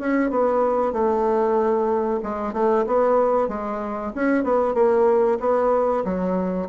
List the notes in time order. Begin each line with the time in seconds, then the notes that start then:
0.00 C#4
0.31 B3
0.93 A3
2.23 G#3
2.54 A3
2.87 B3
3.49 G#3
4.15 C#4
4.44 B3
4.75 A#3
5.41 B3
6.05 F#3